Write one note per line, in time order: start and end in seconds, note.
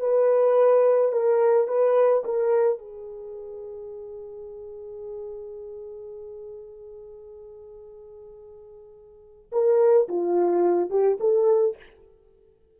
0.00 1.12 B4
1.12 1.67 A#4
1.67 2.24 B4
2.25 2.78 A#4
2.78 9.51 G#4
9.52 10.08 A#4
10.09 10.90 F4
10.90 11.18 G4
11.20 11.76 A4